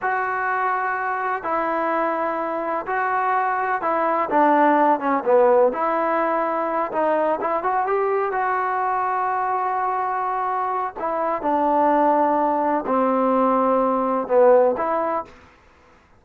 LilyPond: \new Staff \with { instrumentName = "trombone" } { \time 4/4 \tempo 4 = 126 fis'2. e'4~ | e'2 fis'2 | e'4 d'4. cis'8 b4 | e'2~ e'8 dis'4 e'8 |
fis'8 g'4 fis'2~ fis'8~ | fis'2. e'4 | d'2. c'4~ | c'2 b4 e'4 | }